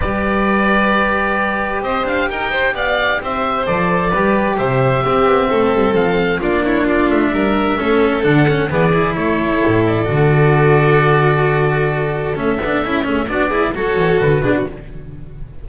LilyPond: <<
  \new Staff \with { instrumentName = "oboe" } { \time 4/4 \tempo 4 = 131 d''1 | dis''8 f''8 g''4 f''4 e''4 | d''2 e''2~ | e''4 f''4 d''8 cis''8 d''8 e''8~ |
e''2 fis''4 d''4 | cis''4. d''2~ d''8~ | d''2. e''4~ | e''4 d''4 cis''4 b'4 | }
  \new Staff \with { instrumentName = "violin" } { \time 4/4 b'1 | c''4 ais'8 c''8 d''4 c''4~ | c''4 b'4 c''4 g'4 | a'2 f'8 e'8 f'4 |
ais'4 a'2 gis'4 | a'1~ | a'1~ | a'8 gis'8 fis'8 gis'8 a'4. gis'16 fis'16 | }
  \new Staff \with { instrumentName = "cello" } { \time 4/4 g'1~ | g'1 | a'4 g'2 c'4~ | c'2 d'2~ |
d'4 cis'4 d'8 cis'8 b8 e'8~ | e'2 fis'2~ | fis'2. cis'8 d'8 | e'8 cis'8 d'8 e'8 fis'4. d'8 | }
  \new Staff \with { instrumentName = "double bass" } { \time 4/4 g1 | c'8 d'8 dis'4 b4 c'4 | f4 g4 c4 c'8 b8 | a8 g8 f4 ais4. a8 |
g4 a4 d4 e4 | a4 a,4 d2~ | d2. a8 b8 | cis'8 a8 b4 fis8 e8 d8 b,8 | }
>>